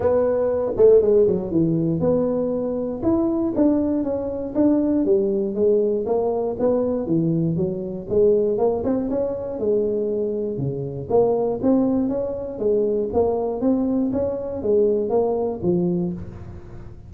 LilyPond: \new Staff \with { instrumentName = "tuba" } { \time 4/4 \tempo 4 = 119 b4. a8 gis8 fis8 e4 | b2 e'4 d'4 | cis'4 d'4 g4 gis4 | ais4 b4 e4 fis4 |
gis4 ais8 c'8 cis'4 gis4~ | gis4 cis4 ais4 c'4 | cis'4 gis4 ais4 c'4 | cis'4 gis4 ais4 f4 | }